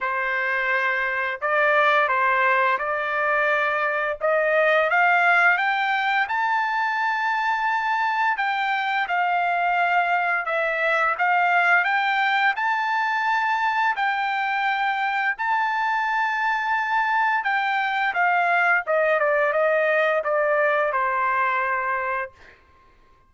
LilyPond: \new Staff \with { instrumentName = "trumpet" } { \time 4/4 \tempo 4 = 86 c''2 d''4 c''4 | d''2 dis''4 f''4 | g''4 a''2. | g''4 f''2 e''4 |
f''4 g''4 a''2 | g''2 a''2~ | a''4 g''4 f''4 dis''8 d''8 | dis''4 d''4 c''2 | }